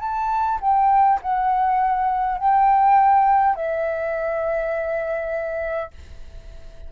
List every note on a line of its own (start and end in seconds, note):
0.00 0.59 A5
0.61 1.20 G5
1.22 2.39 F#5
2.39 3.56 G5
3.56 5.91 E5